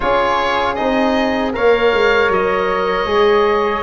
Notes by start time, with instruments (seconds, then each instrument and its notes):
0.00 tuba C#4, trombone F4, flute G#4, oboe C#5
0.75 tuba C4, trombone D#4, oboe D#5
1.52 tuba A#3, trombone A#4, flute C#5, oboe F5
1.93 tuba G#3
2.29 tuba F#3, oboe D#5
3.05 tuba G#3, trombone G#4